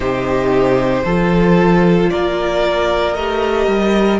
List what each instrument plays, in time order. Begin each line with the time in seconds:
0.00 cello C3, viola D#4, violin G4 C5
1.04 cello F3, viola F4, violin A4
2.09 cello A#3, violin A#4 D5
3.14 cello A3, viola G4, violin D#5
3.67 cello G3